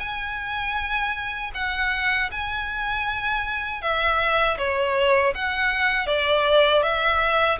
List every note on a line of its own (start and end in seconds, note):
0.00 1.52 G#5
1.55 2.31 F#5
2.32 3.82 G#5
3.82 4.58 E5
4.58 5.34 C#5
5.35 6.07 F#5
6.07 6.83 D5
6.83 7.59 E5